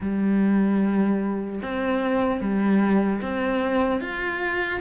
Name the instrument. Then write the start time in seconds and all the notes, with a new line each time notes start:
cello
0.00 G3
1.62 C4
2.40 G3
3.21 C4
4.00 F4